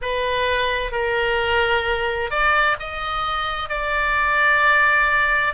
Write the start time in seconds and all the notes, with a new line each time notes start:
0.01 B4
0.91 A#4
2.30 D5
2.79 D#5
3.69 D5